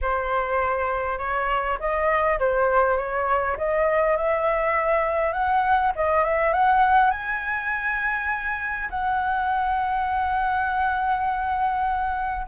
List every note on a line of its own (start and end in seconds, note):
0.01 1.18 C5
1.18 1.78 C#5
1.79 2.38 D#5
2.39 2.97 C5
2.97 3.56 C#5
3.57 4.16 D#5
4.17 5.32 E5
5.32 5.92 F#5
5.95 6.23 D#5
6.23 6.53 E5
6.53 7.10 F#5
7.10 8.89 G#5
8.90 12.46 F#5